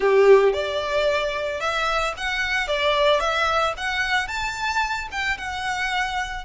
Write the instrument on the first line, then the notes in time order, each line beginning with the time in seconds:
violin
0.00 G4
0.53 D5
1.60 E5
2.17 F#5
2.67 D5
3.20 E5
3.77 F#5
4.27 A5
5.11 G5
5.37 F#5